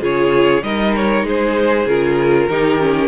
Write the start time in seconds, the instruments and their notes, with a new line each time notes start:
0.00 cello C#3, viola F4, violin G#4 C#5
0.62 cello G3, viola D#4, violin A#4 D#5
0.95 violin C#5
1.23 cello G#3, violin G#4 C5
1.85 cello C#3, viola F4, violin A#4
2.49 cello D#3, viola D#4, violin G4
2.79 viola C#4